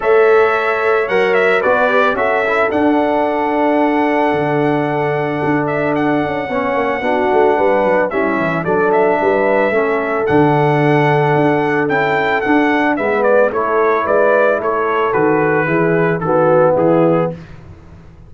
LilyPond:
<<
  \new Staff \with { instrumentName = "trumpet" } { \time 4/4 \tempo 4 = 111 e''2 fis''8 e''8 d''4 | e''4 fis''2.~ | fis''2~ fis''8 e''8 fis''4~ | fis''2. e''4 |
d''8 e''2~ e''8 fis''4~ | fis''2 g''4 fis''4 | e''8 d''8 cis''4 d''4 cis''4 | b'2 a'4 gis'4 | }
  \new Staff \with { instrumentName = "horn" } { \time 4/4 cis''2. b'4 | a'1~ | a'1 | cis''4 fis'4 b'4 e'4 |
a'4 b'4 a'2~ | a'1 | b'4 a'4 b'4 a'4~ | a'4 gis'4 fis'4 e'4 | }
  \new Staff \with { instrumentName = "trombone" } { \time 4/4 a'2 ais'4 fis'8 g'8 | fis'8 e'8 d'2.~ | d'1 | cis'4 d'2 cis'4 |
d'2 cis'4 d'4~ | d'2 e'4 d'4 | b4 e'2. | fis'4 e'4 b2 | }
  \new Staff \with { instrumentName = "tuba" } { \time 4/4 a2 fis4 b4 | cis'4 d'2. | d2 d'4. cis'8 | b8 ais8 b8 a8 g8 fis8 g8 e8 |
fis4 g4 a4 d4~ | d4 d'4 cis'4 d'4 | gis4 a4 gis4 a4 | dis4 e4 dis4 e4 | }
>>